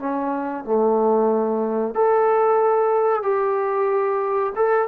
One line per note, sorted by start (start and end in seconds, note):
0.00 0.65 C#4
0.65 1.95 A3
1.95 3.23 A4
3.23 4.53 G4
4.56 4.89 A4